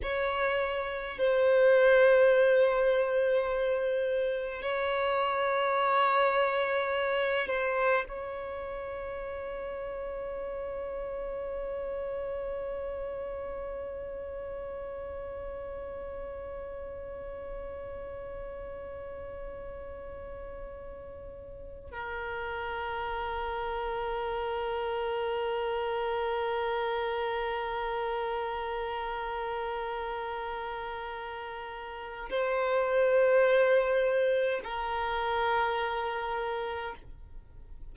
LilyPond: \new Staff \with { instrumentName = "violin" } { \time 4/4 \tempo 4 = 52 cis''4 c''2. | cis''2~ cis''8 c''8 cis''4~ | cis''1~ | cis''1~ |
cis''2. ais'4~ | ais'1~ | ais'1 | c''2 ais'2 | }